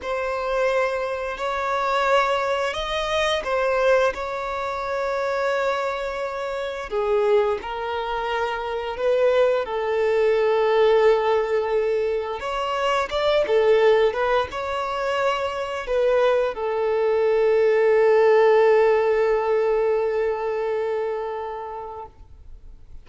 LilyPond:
\new Staff \with { instrumentName = "violin" } { \time 4/4 \tempo 4 = 87 c''2 cis''2 | dis''4 c''4 cis''2~ | cis''2 gis'4 ais'4~ | ais'4 b'4 a'2~ |
a'2 cis''4 d''8 a'8~ | a'8 b'8 cis''2 b'4 | a'1~ | a'1 | }